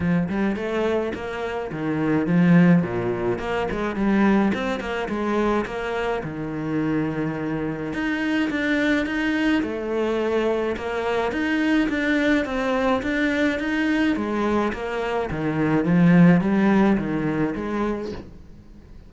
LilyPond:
\new Staff \with { instrumentName = "cello" } { \time 4/4 \tempo 4 = 106 f8 g8 a4 ais4 dis4 | f4 ais,4 ais8 gis8 g4 | c'8 ais8 gis4 ais4 dis4~ | dis2 dis'4 d'4 |
dis'4 a2 ais4 | dis'4 d'4 c'4 d'4 | dis'4 gis4 ais4 dis4 | f4 g4 dis4 gis4 | }